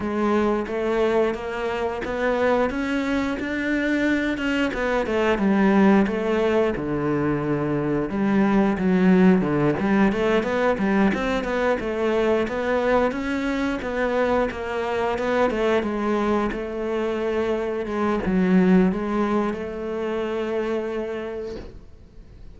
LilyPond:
\new Staff \with { instrumentName = "cello" } { \time 4/4 \tempo 4 = 89 gis4 a4 ais4 b4 | cis'4 d'4. cis'8 b8 a8 | g4 a4 d2 | g4 fis4 d8 g8 a8 b8 |
g8 c'8 b8 a4 b4 cis'8~ | cis'8 b4 ais4 b8 a8 gis8~ | gis8 a2 gis8 fis4 | gis4 a2. | }